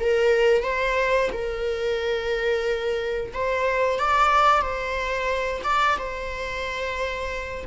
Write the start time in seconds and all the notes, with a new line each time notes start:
0.00 A#4
0.63 C5
1.33 A#4
3.34 C5
3.99 D5
4.62 C5
5.64 D5
5.98 C5